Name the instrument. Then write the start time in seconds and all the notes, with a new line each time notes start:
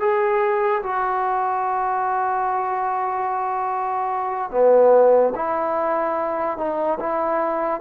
trombone
0.00 G#4
0.83 F#4
4.51 B3
5.36 E4
6.58 D#4
7.00 E4